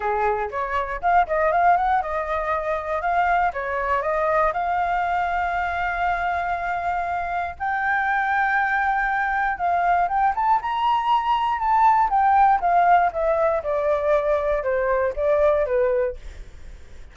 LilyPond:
\new Staff \with { instrumentName = "flute" } { \time 4/4 \tempo 4 = 119 gis'4 cis''4 f''8 dis''8 f''8 fis''8 | dis''2 f''4 cis''4 | dis''4 f''2.~ | f''2. g''4~ |
g''2. f''4 | g''8 a''8 ais''2 a''4 | g''4 f''4 e''4 d''4~ | d''4 c''4 d''4 b'4 | }